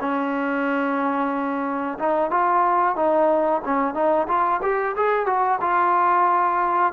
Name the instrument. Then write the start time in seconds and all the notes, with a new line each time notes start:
trombone
0.00 C#4
1.98 D#4
2.30 F4
2.95 D#4
3.64 C#4
3.94 D#4
4.27 F4
4.62 G4
4.96 G#4
5.26 F#4
5.60 F4